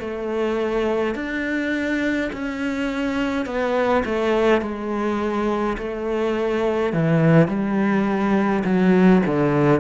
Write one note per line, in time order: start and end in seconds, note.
0.00 1.15 A3
1.15 2.31 D4
2.32 3.46 C#4
3.46 4.03 B3
4.05 4.62 A3
4.62 5.77 G#3
5.77 6.93 A3
6.93 7.48 E3
7.48 8.63 G3
8.65 9.23 F#3
9.26 9.80 D3